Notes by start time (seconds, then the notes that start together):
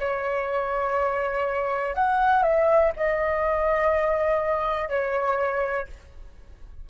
0.00 C#5
1.95 F#5
2.43 E5
2.97 D#5
4.90 C#5